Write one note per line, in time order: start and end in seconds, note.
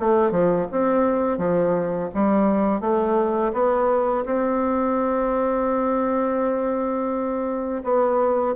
0.00 0.31 A3
0.31 0.67 F3
0.72 1.38 C4
1.38 2.10 F3
2.14 2.81 G3
2.81 3.53 A3
3.54 4.25 B3
4.26 7.83 C4
7.84 8.56 B3